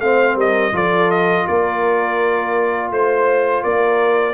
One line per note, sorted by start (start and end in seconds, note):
0.00 0.36 A3
0.00 0.73 C4
0.00 0.36 C5
0.00 0.36 F5
0.36 0.72 G3
0.36 0.72 A#4
0.36 0.76 D#5
0.72 1.45 F3
0.72 4.33 F4
0.72 1.47 A4
0.72 1.11 D5
1.11 1.47 D#5
1.47 2.91 A#3
1.47 2.91 A#4
1.47 2.92 D5
2.91 3.63 A3
2.91 3.63 C5
2.91 3.62 C5
3.62 4.33 A#3
3.62 4.33 A#4
3.62 4.33 D5